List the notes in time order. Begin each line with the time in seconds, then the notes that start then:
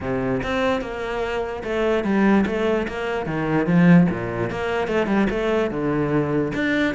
0.01 C3
0.42 C4
0.81 A#3
1.63 A3
2.04 G3
2.46 A3
2.88 A#3
3.25 D#3
3.66 F3
4.10 A#2
4.50 A#3
4.87 A3
5.06 G3
5.30 A3
5.70 D3
6.54 D4